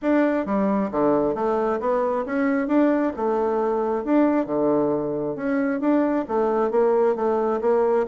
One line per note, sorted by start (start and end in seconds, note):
0.02 0.45 D4
0.45 0.90 G3
0.91 1.34 D3
1.34 1.79 A3
1.80 2.24 B3
2.25 2.67 C#4
2.67 3.12 D4
3.16 4.04 A3
4.04 4.46 D4
4.46 5.35 D3
5.35 5.80 C#4
5.80 6.25 D4
6.27 6.70 A3
6.70 7.15 A#3
7.15 7.60 A3
7.61 8.06 A#3